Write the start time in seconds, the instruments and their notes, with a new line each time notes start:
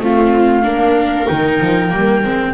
0.00 double bass A3, viola C4 F4, flute F5
0.63 double bass A#3, viola D4 A#4
1.26 double bass D#3, viola D#4, flute G5
1.61 double bass F3
1.90 double bass G3, viola A#3
2.24 double bass G#3, viola C4